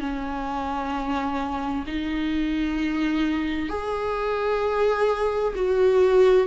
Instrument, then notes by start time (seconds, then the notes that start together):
viola
0.00 C#4
1.87 D#4
3.69 G#4
5.56 F#4